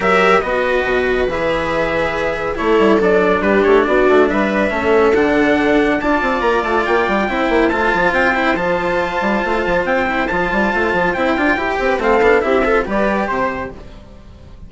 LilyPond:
<<
  \new Staff \with { instrumentName = "trumpet" } { \time 4/4 \tempo 4 = 140 e''4 dis''2 e''4~ | e''2 cis''4 d''4 | b'8 cis''8 d''4 e''2 | fis''2 a''4 ais''8 a''8 |
g''2 a''4 g''4 | a''2. g''4 | a''2 g''2 | f''4 e''4 d''4 c''4 | }
  \new Staff \with { instrumentName = "viola" } { \time 4/4 ais'4 b'2.~ | b'2 a'2 | g'4 fis'4 b'4 a'4~ | a'2 d''2~ |
d''4 c''2.~ | c''1~ | c''2.~ c''8 b'8 | a'4 g'8 a'8 b'4 c''4 | }
  \new Staff \with { instrumentName = "cello" } { \time 4/4 g'4 fis'2 gis'4~ | gis'2 e'4 d'4~ | d'2. cis'4 | d'2 f'2~ |
f'4 e'4 f'4. e'8 | f'2.~ f'8 e'8 | f'2 e'8 f'8 g'4 | c'8 d'8 e'8 f'8 g'2 | }
  \new Staff \with { instrumentName = "bassoon" } { \time 4/4 fis4 b4 b,4 e4~ | e2 a8 g8 fis4 | g8 a8 b8 a8 g4 a4 | d2 d'8 c'8 ais8 a8 |
ais8 g8 c'8 ais8 a8 f8 c'4 | f4. g8 a8 f8 c'4 | f8 g8 a8 f8 c'8 d'8 e'8 c'8 | a8 b8 c'4 g4 c4 | }
>>